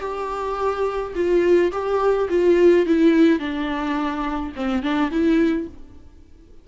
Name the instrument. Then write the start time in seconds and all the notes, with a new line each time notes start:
viola
0.00 G4
1.15 F4
1.72 G4
2.29 F4
2.86 E4
3.39 D4
4.55 C4
4.82 D4
5.11 E4